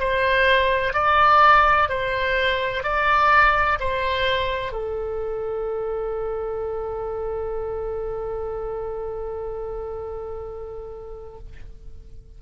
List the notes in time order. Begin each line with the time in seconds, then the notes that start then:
0.00 C5
0.94 D5
1.90 C5
2.84 D5
3.81 C5
4.73 A4